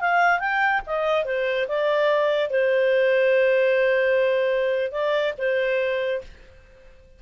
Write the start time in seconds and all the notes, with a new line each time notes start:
0.00 F5
0.39 G5
0.86 D#5
1.25 C5
1.68 D5
2.50 C5
4.91 D5
5.37 C5